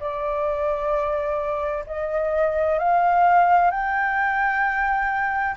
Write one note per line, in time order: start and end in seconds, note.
0.00 1.85 D5
1.86 2.79 D#5
2.79 3.71 F5
3.71 5.56 G5